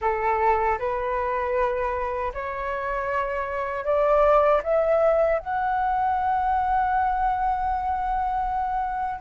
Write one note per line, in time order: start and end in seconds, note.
0.01 0.78 A4
0.78 2.32 B4
2.33 3.85 C#5
3.85 4.62 D5
4.63 5.38 E5
5.38 9.20 F#5